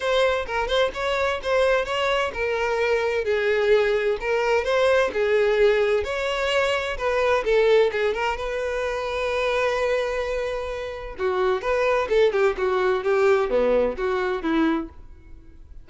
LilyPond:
\new Staff \with { instrumentName = "violin" } { \time 4/4 \tempo 4 = 129 c''4 ais'8 c''8 cis''4 c''4 | cis''4 ais'2 gis'4~ | gis'4 ais'4 c''4 gis'4~ | gis'4 cis''2 b'4 |
a'4 gis'8 ais'8 b'2~ | b'1 | fis'4 b'4 a'8 g'8 fis'4 | g'4 b4 fis'4 e'4 | }